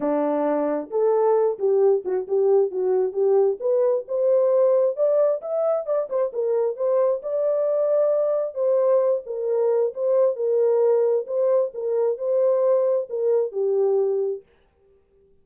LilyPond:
\new Staff \with { instrumentName = "horn" } { \time 4/4 \tempo 4 = 133 d'2 a'4. g'8~ | g'8 fis'8 g'4 fis'4 g'4 | b'4 c''2 d''4 | e''4 d''8 c''8 ais'4 c''4 |
d''2. c''4~ | c''8 ais'4. c''4 ais'4~ | ais'4 c''4 ais'4 c''4~ | c''4 ais'4 g'2 | }